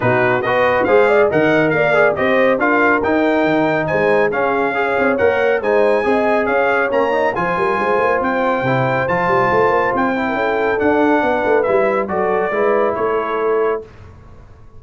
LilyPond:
<<
  \new Staff \with { instrumentName = "trumpet" } { \time 4/4 \tempo 4 = 139 b'4 dis''4 f''4 fis''4 | f''4 dis''4 f''4 g''4~ | g''4 gis''4 f''2 | fis''4 gis''2 f''4 |
ais''4 gis''2 g''4~ | g''4 a''2 g''4~ | g''4 fis''2 e''4 | d''2 cis''2 | }
  \new Staff \with { instrumentName = "horn" } { \time 4/4 fis'4 b'4 c''8 d''8 dis''4 | d''4 c''4 ais'2~ | ais'4 c''4 gis'4 cis''4~ | cis''4 c''4 dis''4 cis''4~ |
cis''4 c''8 ais'8 c''2~ | c''2.~ c''8. ais'16 | a'2 b'2 | a'4 b'4 a'2 | }
  \new Staff \with { instrumentName = "trombone" } { \time 4/4 dis'4 fis'4 gis'4 ais'4~ | ais'8 gis'8 g'4 f'4 dis'4~ | dis'2 cis'4 gis'4 | ais'4 dis'4 gis'2 |
cis'8 dis'8 f'2. | e'4 f'2~ f'8 e'8~ | e'4 d'2 e'4 | fis'4 e'2. | }
  \new Staff \with { instrumentName = "tuba" } { \time 4/4 b,4 b4 gis4 dis4 | ais4 c'4 d'4 dis'4 | dis4 gis4 cis'4. c'8 | ais4 gis4 c'4 cis'4 |
ais4 f8 g8 gis8 ais8 c'4 | c4 f8 g8 a8 ais8 c'4 | cis'4 d'4 b8 a8 g4 | fis4 gis4 a2 | }
>>